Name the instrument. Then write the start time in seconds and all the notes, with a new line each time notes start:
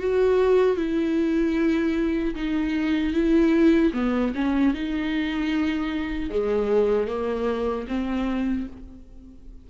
viola
0.00 F#4
0.77 E4
2.35 D#4
3.14 E4
3.94 B3
4.36 C#4
4.74 D#4
6.31 G#3
7.08 A#3
7.88 C4